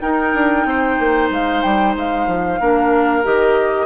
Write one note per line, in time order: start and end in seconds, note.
0.00 0.33 D#4
0.00 2.60 D#4
0.00 0.67 A#4
0.00 1.29 G5
0.34 0.66 D4
0.66 0.98 C4
0.66 2.61 C5
1.00 1.30 A#3
1.30 1.63 G#3
1.30 1.63 F5
1.63 1.96 G3
1.63 1.95 G5
1.96 2.28 G#3
1.96 3.26 F5
2.28 2.60 F3
2.60 3.25 A#3
2.60 3.24 D4
2.60 3.86 A#4
3.24 3.86 D#3
3.24 3.86 G4
3.24 3.86 D#5